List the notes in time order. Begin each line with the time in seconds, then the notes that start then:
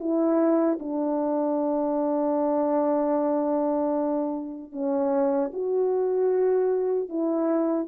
0.00 E4
0.80 D4
4.73 C#4
5.53 F#4
7.09 E4